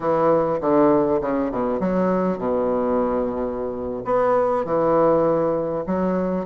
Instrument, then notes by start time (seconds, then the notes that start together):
bassoon
0.00 E3
0.61 D3
1.21 C#3
1.51 B2
1.80 F#3
2.38 B2
4.04 B3
4.64 E3
5.86 F#3